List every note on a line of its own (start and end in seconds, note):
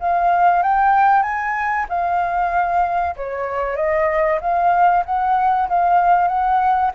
0.00 0.63 F5
0.63 1.23 G5
1.23 1.86 G#5
1.89 3.16 F5
3.16 3.77 C#5
3.77 4.40 D#5
4.41 5.04 F5
5.05 5.68 F#5
5.69 6.28 F5
6.28 6.91 F#5